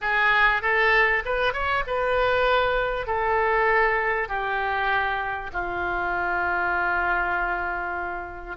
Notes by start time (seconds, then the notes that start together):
0.01 G#4
0.62 A4
1.25 B4
1.53 C#5
1.86 B4
3.06 A4
4.28 G4
5.52 F4